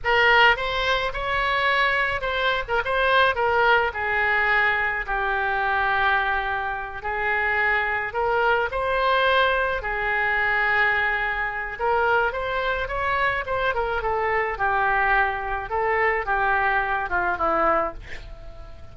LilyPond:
\new Staff \with { instrumentName = "oboe" } { \time 4/4 \tempo 4 = 107 ais'4 c''4 cis''2 | c''8. ais'16 c''4 ais'4 gis'4~ | gis'4 g'2.~ | g'8 gis'2 ais'4 c''8~ |
c''4. gis'2~ gis'8~ | gis'4 ais'4 c''4 cis''4 | c''8 ais'8 a'4 g'2 | a'4 g'4. f'8 e'4 | }